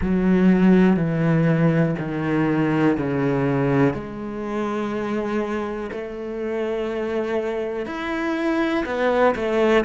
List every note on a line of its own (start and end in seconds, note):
0.01 0.96 F#3
0.96 1.94 E3
1.99 2.97 D#3
2.97 3.93 C#3
3.93 5.90 G#3
5.92 7.86 A3
7.86 8.84 E4
8.85 9.34 B3
9.34 9.84 A3